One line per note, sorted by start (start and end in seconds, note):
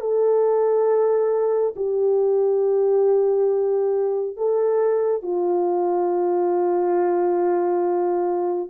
0.00 1.74 A4
1.76 4.36 G4
4.36 5.22 A4
5.22 8.70 F4